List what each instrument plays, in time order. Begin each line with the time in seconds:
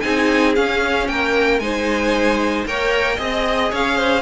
0.00 cello C4, viola D#4, violin G#4 G#5
0.55 viola C#4, cello C#4, violin F5
1.08 cello A#3, violin A#4 G5
1.60 cello G#3, viola D#4, violin C5 G#5
2.66 cello A#3, viola A#4, violin C#5 G5
3.16 cello C4, viola G#4, violin D#5
3.71 cello C#4, violin C#5 F5
3.97 violin C5